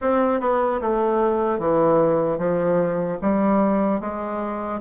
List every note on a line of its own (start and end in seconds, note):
0.01 0.40 C4
0.40 0.80 B3
0.80 1.59 A3
1.59 2.37 E3
2.37 3.17 F3
3.21 4.00 G3
4.00 4.80 G#3